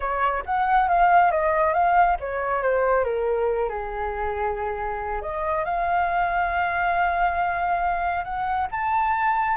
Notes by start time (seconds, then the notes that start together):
0.00 C#5
0.45 F#5
0.88 F5
1.31 D#5
1.73 F5
2.20 C#5
2.62 C5
3.04 A#4
3.69 G#4
5.21 D#5
5.64 F5
8.24 F#5
8.71 A5